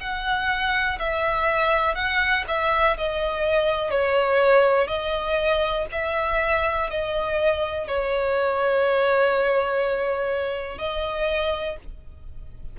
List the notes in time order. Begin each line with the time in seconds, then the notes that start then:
0.00 F#5
0.99 E5
1.95 F#5
2.47 E5
2.97 D#5
3.90 C#5
4.87 D#5
5.91 E5
6.89 D#5
7.87 C#5
10.78 D#5